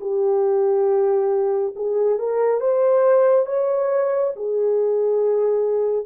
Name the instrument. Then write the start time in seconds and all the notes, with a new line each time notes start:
horn
0.00 G4
1.75 G#4
2.19 A#4
2.60 C5
3.46 C#5
4.36 G#4